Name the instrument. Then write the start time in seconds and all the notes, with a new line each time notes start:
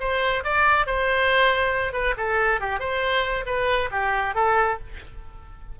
oboe
0.00 C5
0.44 D5
0.86 C5
1.93 B4
2.17 A4
2.60 G4
2.79 C5
3.46 B4
3.91 G4
4.35 A4